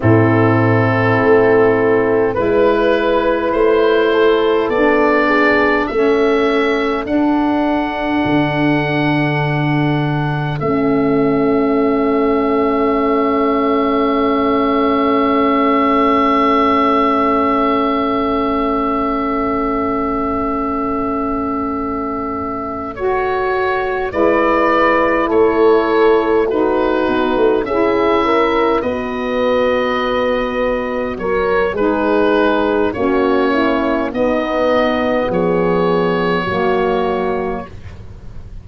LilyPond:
<<
  \new Staff \with { instrumentName = "oboe" } { \time 4/4 \tempo 4 = 51 a'2 b'4 c''4 | d''4 e''4 fis''2~ | fis''4 e''2.~ | e''1~ |
e''2.~ e''8 cis''8~ | cis''8 d''4 cis''4 b'4 e''8~ | e''8 dis''2 cis''8 b'4 | cis''4 dis''4 cis''2 | }
  \new Staff \with { instrumentName = "horn" } { \time 4/4 e'2 b'4. a'8~ | a'8 gis'8 a'2.~ | a'1~ | a'1~ |
a'1~ | a'8 b'4 a'4 fis'4 gis'8 | ais'8 b'2 ais'8 gis'4 | fis'8 e'8 dis'4 gis'4 fis'4 | }
  \new Staff \with { instrumentName = "saxophone" } { \time 4/4 c'2 e'2 | d'4 cis'4 d'2~ | d'4 cis'2.~ | cis'1~ |
cis'2.~ cis'8 fis'8~ | fis'8 e'2 dis'4 e'8~ | e'8 fis'2~ fis'8 dis'4 | cis'4 b2 ais4 | }
  \new Staff \with { instrumentName = "tuba" } { \time 4/4 a,4 a4 gis4 a4 | b4 a4 d'4 d4~ | d4 a2.~ | a1~ |
a1~ | a8 gis4 a4. b16 a16 cis'8~ | cis'8 b2 fis8 gis4 | ais4 b4 f4 fis4 | }
>>